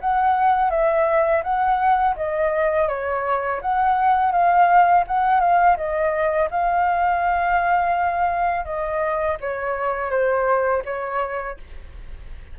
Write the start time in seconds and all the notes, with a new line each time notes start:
0.00 F#5
0.70 E5
1.43 F#5
2.16 D#5
2.88 C#5
3.61 F#5
4.32 F5
5.07 F#5
5.40 F5
5.77 D#5
6.51 F5
8.65 D#5
9.41 C#5
10.10 C5
10.85 C#5